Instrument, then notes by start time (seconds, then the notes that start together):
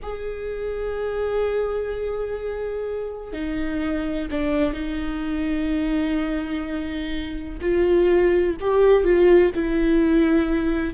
viola
0.02 G#4
3.32 D#4
4.30 D4
4.73 D#4
7.61 F4
8.60 G4
9.04 F4
9.54 E4